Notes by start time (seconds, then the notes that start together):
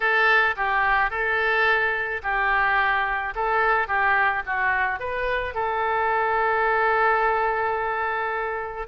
0.00 A4
0.56 G4
1.10 A4
2.22 G4
3.35 A4
3.87 G4
4.45 F#4
4.99 B4
5.54 A4